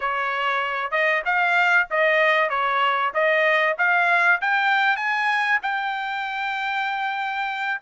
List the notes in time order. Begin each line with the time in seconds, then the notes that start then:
0.00 C#5
0.91 D#5
1.25 F5
1.90 D#5
2.49 C#5
3.13 D#5
3.78 F5
4.41 G5
4.96 G#5
5.62 G5